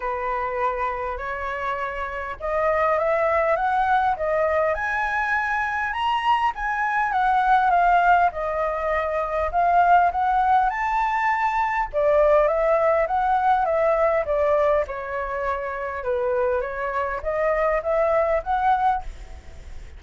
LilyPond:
\new Staff \with { instrumentName = "flute" } { \time 4/4 \tempo 4 = 101 b'2 cis''2 | dis''4 e''4 fis''4 dis''4 | gis''2 ais''4 gis''4 | fis''4 f''4 dis''2 |
f''4 fis''4 a''2 | d''4 e''4 fis''4 e''4 | d''4 cis''2 b'4 | cis''4 dis''4 e''4 fis''4 | }